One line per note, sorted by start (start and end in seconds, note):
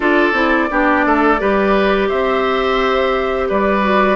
0.00 0.33 D4
0.00 0.32 F4
0.00 0.69 A4
0.00 2.09 D5
0.33 0.67 C4
0.33 0.68 E4
0.70 1.05 B3
0.70 1.38 D4
0.70 1.05 G4
1.05 1.40 A3
1.05 1.40 A4
1.38 2.10 G3
1.38 3.82 G4
1.38 2.08 B4
2.08 3.50 C4
2.08 3.48 C5
2.08 3.48 E5
3.48 4.16 G3
3.48 4.16 B4
3.48 4.16 D5
3.82 4.16 F#4